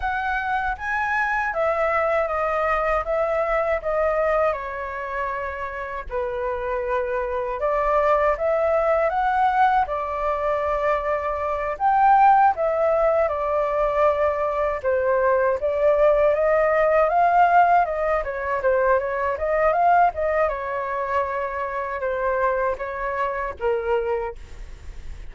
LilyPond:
\new Staff \with { instrumentName = "flute" } { \time 4/4 \tempo 4 = 79 fis''4 gis''4 e''4 dis''4 | e''4 dis''4 cis''2 | b'2 d''4 e''4 | fis''4 d''2~ d''8 g''8~ |
g''8 e''4 d''2 c''8~ | c''8 d''4 dis''4 f''4 dis''8 | cis''8 c''8 cis''8 dis''8 f''8 dis''8 cis''4~ | cis''4 c''4 cis''4 ais'4 | }